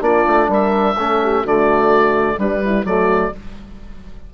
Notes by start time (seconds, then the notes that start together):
0.00 A#3 D4 F4 D5
0.27 A3
0.48 G3 A#4 E5
0.97 A3 C#4 A4
1.22 G4
1.41 D3 A3 F#4 D5
2.37 G3 D4 B4
2.65 E4
2.84 F#3 A3 F#4 D5